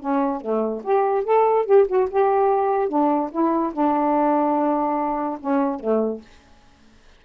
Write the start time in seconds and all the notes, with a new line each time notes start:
0.00 C#4
0.41 A3
0.84 G4
1.25 A4
1.66 G4
1.88 F#4
2.11 G4
2.89 D4
3.32 E4
3.74 D4
5.41 C#4
5.80 A3